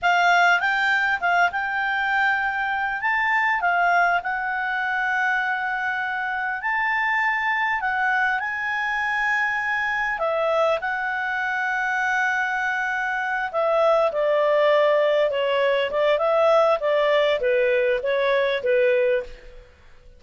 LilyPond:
\new Staff \with { instrumentName = "clarinet" } { \time 4/4 \tempo 4 = 100 f''4 g''4 f''8 g''4.~ | g''4 a''4 f''4 fis''4~ | fis''2. a''4~ | a''4 fis''4 gis''2~ |
gis''4 e''4 fis''2~ | fis''2~ fis''8 e''4 d''8~ | d''4. cis''4 d''8 e''4 | d''4 b'4 cis''4 b'4 | }